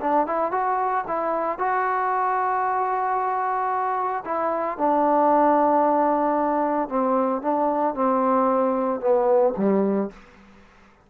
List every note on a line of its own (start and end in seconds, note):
0.00 0.26 D4
0.26 0.51 E4
0.51 1.04 F#4
1.07 1.58 E4
1.58 4.24 F#4
4.25 4.77 E4
4.77 6.88 D4
6.88 7.41 C4
7.41 7.94 D4
7.94 9.00 C4
9.00 9.53 B3
9.57 10.10 G3